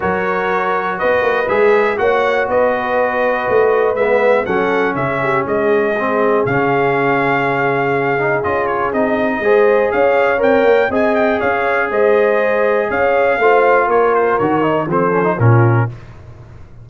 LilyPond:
<<
  \new Staff \with { instrumentName = "trumpet" } { \time 4/4 \tempo 4 = 121 cis''2 dis''4 e''4 | fis''4 dis''2. | e''4 fis''4 e''4 dis''4~ | dis''4 f''2.~ |
f''4 dis''8 cis''8 dis''2 | f''4 g''4 gis''8 g''8 f''4 | dis''2 f''2 | cis''8 c''8 cis''4 c''4 ais'4 | }
  \new Staff \with { instrumentName = "horn" } { \time 4/4 ais'2 b'2 | cis''4 b'2.~ | b'4 a'4 gis'8 g'8 gis'4~ | gis'1~ |
gis'2. c''4 | cis''2 dis''4 cis''4 | c''2 cis''4 c''4 | ais'2 a'4 f'4 | }
  \new Staff \with { instrumentName = "trombone" } { \time 4/4 fis'2. gis'4 | fis'1 | b4 cis'2. | c'4 cis'2.~ |
cis'8 dis'8 f'4 dis'4 gis'4~ | gis'4 ais'4 gis'2~ | gis'2. f'4~ | f'4 fis'8 dis'8 c'8 cis'16 dis'16 cis'4 | }
  \new Staff \with { instrumentName = "tuba" } { \time 4/4 fis2 b8 ais8 gis4 | ais4 b2 a4 | gis4 fis4 cis4 gis4~ | gis4 cis2.~ |
cis4 cis'4 c'4 gis4 | cis'4 c'8 ais8 c'4 cis'4 | gis2 cis'4 a4 | ais4 dis4 f4 ais,4 | }
>>